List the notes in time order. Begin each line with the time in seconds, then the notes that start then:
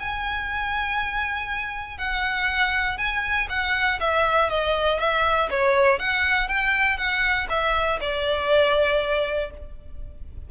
0.00 G#5
1.98 F#5
2.98 G#5
3.50 F#5
4.00 E5
4.50 D#5
5.00 E5
5.50 C#5
5.99 F#5
6.49 G5
6.97 F#5
7.50 E5
8.01 D5